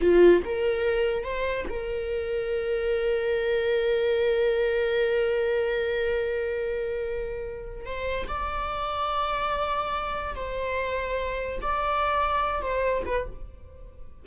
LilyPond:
\new Staff \with { instrumentName = "viola" } { \time 4/4 \tempo 4 = 145 f'4 ais'2 c''4 | ais'1~ | ais'1~ | ais'1~ |
ais'2. c''4 | d''1~ | d''4 c''2. | d''2~ d''8 c''4 b'8 | }